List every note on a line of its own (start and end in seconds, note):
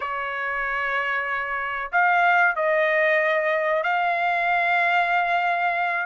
0.00 1.91 C#5
1.91 2.55 F5
2.55 3.83 D#5
3.83 6.06 F5